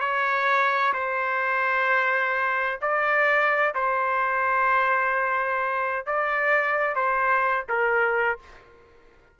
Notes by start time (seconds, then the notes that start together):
0.00 C#5
0.94 C5
2.81 D5
3.75 C5
6.06 D5
6.95 C5
7.69 A#4